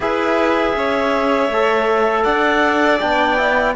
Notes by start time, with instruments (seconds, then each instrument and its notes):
0.00 cello E4, trombone G#4, violin B4, clarinet E5
0.75 cello C#4, violin C#5
1.49 cello A3, trombone A4
2.23 cello D4, violin D5, clarinet F#5
2.99 cello B3, trombone D4, clarinet G5
3.37 trombone E4